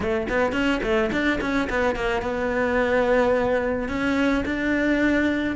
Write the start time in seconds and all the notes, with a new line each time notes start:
0.00 A3
0.28 B3
0.52 C#4
0.82 A3
1.11 D4
1.40 C#4
1.69 B3
1.95 A#3
2.21 B3
3.88 C#4
4.45 D4